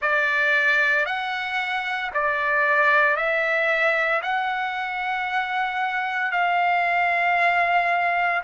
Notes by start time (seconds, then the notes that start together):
0.01 D5
1.05 F#5
2.13 D5
3.16 E5
4.22 F#5
6.31 F5